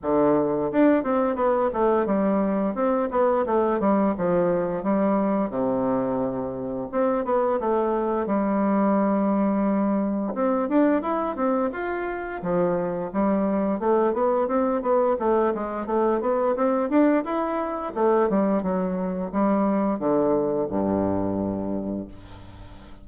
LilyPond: \new Staff \with { instrumentName = "bassoon" } { \time 4/4 \tempo 4 = 87 d4 d'8 c'8 b8 a8 g4 | c'8 b8 a8 g8 f4 g4 | c2 c'8 b8 a4 | g2. c'8 d'8 |
e'8 c'8 f'4 f4 g4 | a8 b8 c'8 b8 a8 gis8 a8 b8 | c'8 d'8 e'4 a8 g8 fis4 | g4 d4 g,2 | }